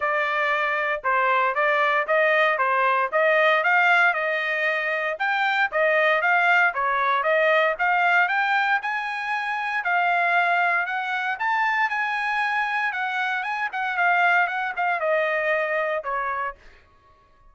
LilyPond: \new Staff \with { instrumentName = "trumpet" } { \time 4/4 \tempo 4 = 116 d''2 c''4 d''4 | dis''4 c''4 dis''4 f''4 | dis''2 g''4 dis''4 | f''4 cis''4 dis''4 f''4 |
g''4 gis''2 f''4~ | f''4 fis''4 a''4 gis''4~ | gis''4 fis''4 gis''8 fis''8 f''4 | fis''8 f''8 dis''2 cis''4 | }